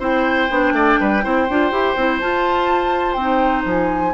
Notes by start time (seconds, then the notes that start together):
0.00 C4 E4 C5 G5
0.50 B3 D4
0.73 A3 D5
1.00 G3 B4
1.23 C4 E4 C5
1.49 D4 F4
1.72 E4 G4
1.96 C4 E4
2.20 F4 A5
3.14 C4 G5
3.20 D#4
3.65 F3 G#5